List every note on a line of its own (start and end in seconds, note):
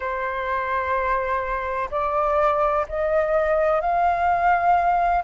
0.00 1.89 C5
1.90 2.86 D5
2.88 3.81 D#5
3.81 5.23 F5